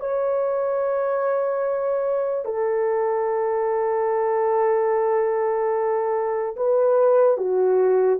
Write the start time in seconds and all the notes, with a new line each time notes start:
0.00 C#5
2.45 A4
6.57 B4
7.38 F#4